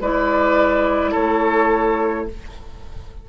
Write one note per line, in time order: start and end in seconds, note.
0.00 1.13 G#3
0.00 2.29 E4
0.00 1.11 B4
0.00 1.14 D5
1.11 2.29 A3
1.11 2.25 A4
1.11 2.27 C#5